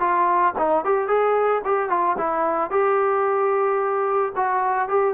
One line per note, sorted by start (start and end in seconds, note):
0.00 0.54 F4
0.58 0.85 D#4
0.85 1.08 G4
1.08 1.62 G#4
1.65 1.89 G4
1.89 2.16 F4
2.18 2.71 E4
2.71 4.33 G4
4.36 4.88 F#4
4.88 5.14 G4